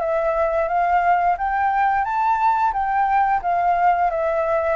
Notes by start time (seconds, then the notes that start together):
0.00 E5
0.68 F5
1.38 G5
2.05 A5
2.73 G5
3.42 F5
4.11 E5